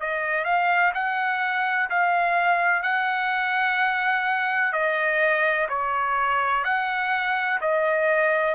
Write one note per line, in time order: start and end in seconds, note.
0.00 0.45 D#5
0.45 0.92 F5
0.94 1.89 F#5
1.90 2.82 F5
2.82 4.72 F#5
4.72 5.68 D#5
5.69 6.64 C#5
6.64 7.59 F#5
7.61 8.54 D#5